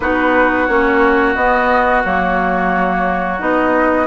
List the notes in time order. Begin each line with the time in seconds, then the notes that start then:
0.00 B3 D#4 F#4 B4
0.66 A#3 C#4 C#5
1.34 B3 D#5
2.04 F#3 A#3 C#5
3.39 B3 D#4 D#5